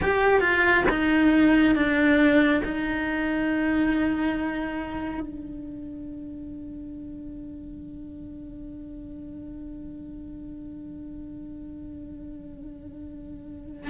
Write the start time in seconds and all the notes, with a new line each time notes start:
0.02 G4
0.40 F4
0.89 D#4
1.75 D4
2.64 D#4
5.20 D4